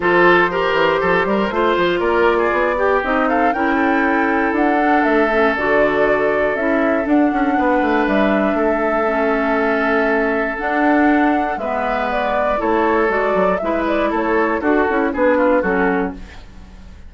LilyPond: <<
  \new Staff \with { instrumentName = "flute" } { \time 4/4 \tempo 4 = 119 c''1 | d''2 dis''8 f''8 g''4~ | g''4 fis''4 e''4 d''4~ | d''4 e''4 fis''2 |
e''1~ | e''4 fis''2 e''4 | d''4 cis''4 d''4 e''8 d''8 | cis''4 a'4 b'4 a'4 | }
  \new Staff \with { instrumentName = "oboe" } { \time 4/4 a'4 ais'4 a'8 ais'8 c''4 | ais'8. gis'8. g'4 a'8 ais'8 a'8~ | a'1~ | a'2. b'4~ |
b'4 a'2.~ | a'2. b'4~ | b'4 a'2 b'4 | a'4 fis'4 gis'8 f'8 fis'4 | }
  \new Staff \with { instrumentName = "clarinet" } { \time 4/4 f'4 g'2 f'4~ | f'4. g'8 dis'4 e'4~ | e'4. d'4 cis'8 fis'4~ | fis'4 e'4 d'2~ |
d'2 cis'2~ | cis'4 d'2 b4~ | b4 e'4 fis'4 e'4~ | e'4 fis'8 e'8 d'4 cis'4 | }
  \new Staff \with { instrumentName = "bassoon" } { \time 4/4 f4. e8 f8 g8 a8 f8 | ais4 b4 c'4 cis'4~ | cis'4 d'4 a4 d4~ | d4 cis'4 d'8 cis'8 b8 a8 |
g4 a2.~ | a4 d'2 gis4~ | gis4 a4 gis8 fis8 gis4 | a4 d'8 cis'8 b4 fis4 | }
>>